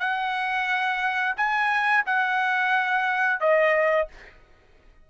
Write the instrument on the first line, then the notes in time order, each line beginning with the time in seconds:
trumpet
0.00 F#5
1.37 G#5
2.07 F#5
3.41 D#5